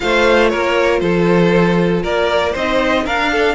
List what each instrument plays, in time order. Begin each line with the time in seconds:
0.00 cello A3, viola F4, violin C5 F5
0.48 cello A#3, violin A#4 C#5
0.99 cello F3, violin A4 C5
2.02 cello A#3, violin A#4 D5
2.52 cello C4, viola D#4, violin C5 D#5
3.05 viola D4, cello D4, violin A#4 F5
3.31 violin A4